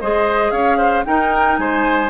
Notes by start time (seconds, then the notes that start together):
0.00 G#3 G#4 C5 D#5
0.51 C#4 C#5 F5
0.77 C5
1.05 D#4 A#4 G5
1.57 G#3 C5 G#5